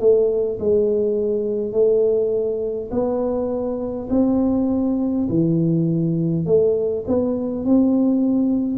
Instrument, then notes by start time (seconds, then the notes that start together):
tuba
0.00 A3
0.59 G#3
1.72 A3
2.91 B3
4.10 C4
5.29 E3
6.46 A3
7.07 B3
7.65 C4